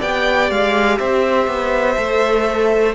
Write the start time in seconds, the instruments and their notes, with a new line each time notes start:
0.00 cello B3, viola G4, violin D5 G5
0.51 cello G#3, violin F5
0.99 cello C4, violin C5 E5
1.47 cello B3
1.97 cello A3, viola A4